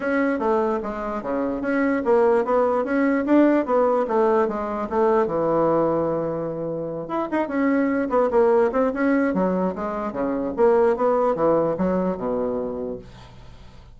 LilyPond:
\new Staff \with { instrumentName = "bassoon" } { \time 4/4 \tempo 4 = 148 cis'4 a4 gis4 cis4 | cis'4 ais4 b4 cis'4 | d'4 b4 a4 gis4 | a4 e2.~ |
e4. e'8 dis'8 cis'4. | b8 ais4 c'8 cis'4 fis4 | gis4 cis4 ais4 b4 | e4 fis4 b,2 | }